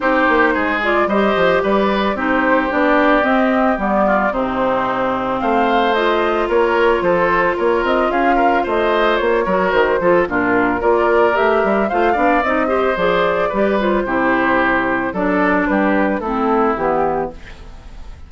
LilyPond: <<
  \new Staff \with { instrumentName = "flute" } { \time 4/4 \tempo 4 = 111 c''4. d''8 dis''4 d''4 | c''4 d''4 dis''4 d''4 | c''2 f''4 dis''4 | cis''4 c''4 cis''8 dis''8 f''4 |
dis''4 cis''4 c''4 ais'4 | d''4 e''4 f''4 dis''4 | d''4. c''2~ c''8 | d''4 b'4 a'4 g'4 | }
  \new Staff \with { instrumentName = "oboe" } { \time 4/4 g'4 gis'4 c''4 b'4 | g'2.~ g'8 f'8 | dis'2 c''2 | ais'4 a'4 ais'4 gis'8 ais'8 |
c''4. ais'4 a'8 f'4 | ais'2 c''8 d''4 c''8~ | c''4 b'4 g'2 | a'4 g'4 e'2 | }
  \new Staff \with { instrumentName = "clarinet" } { \time 4/4 dis'4. f'8 g'2 | dis'4 d'4 c'4 b4 | c'2. f'4~ | f'1~ |
f'4. fis'4 f'8 d'4 | f'4 g'4 f'8 d'8 dis'8 g'8 | gis'4 g'8 f'8 e'2 | d'2 c'4 b4 | }
  \new Staff \with { instrumentName = "bassoon" } { \time 4/4 c'8 ais8 gis4 g8 f8 g4 | c'4 b4 c'4 g4 | c2 a2 | ais4 f4 ais8 c'8 cis'4 |
a4 ais8 fis8 dis8 f8 ais,4 | ais4 a8 g8 a8 b8 c'4 | f4 g4 c2 | fis4 g4 a4 e4 | }
>>